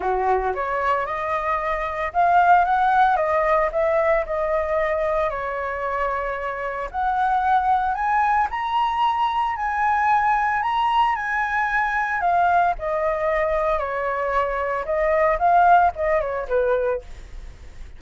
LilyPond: \new Staff \with { instrumentName = "flute" } { \time 4/4 \tempo 4 = 113 fis'4 cis''4 dis''2 | f''4 fis''4 dis''4 e''4 | dis''2 cis''2~ | cis''4 fis''2 gis''4 |
ais''2 gis''2 | ais''4 gis''2 f''4 | dis''2 cis''2 | dis''4 f''4 dis''8 cis''8 b'4 | }